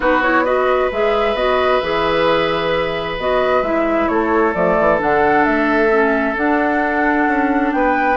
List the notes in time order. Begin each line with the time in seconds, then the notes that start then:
0.00 B3 D#4 F#4 B4
0.22 E4 C#5
0.45 F#4 B4 D#5
0.91 G#3 G#4 E5
1.34 B3 F#4 D#5
1.79 E3 G#4 E5
3.18 B3 F#4 D#5
3.61 G#3 E4 E5
4.08 A3 A4 C#5
4.53 F3 A3 D5
4.79 E3
4.98 D3 D4 F#5
5.44 A3 E5
5.90 C#4
6.35 D4 F#5
7.27 C#4
7.72 B3 B4 G5